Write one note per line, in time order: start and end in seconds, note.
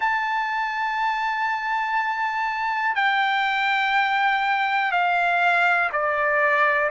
0.00 2.95 A5
2.95 4.91 G5
4.91 5.90 F5
5.92 6.90 D5